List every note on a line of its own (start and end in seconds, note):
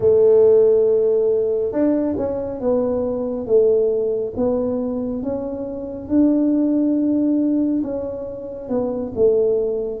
0.00 1.72 A3
1.72 2.15 D4
2.17 2.60 C#4
2.60 3.46 B3
3.46 4.33 A3
4.36 5.23 B3
5.23 6.08 C#4
6.08 7.82 D4
7.83 8.68 C#4
8.68 9.12 B3
9.15 10.00 A3